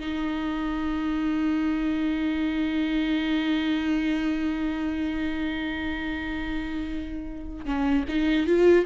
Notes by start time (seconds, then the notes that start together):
0.00 D#4
7.66 C#4
8.09 D#4
8.47 F4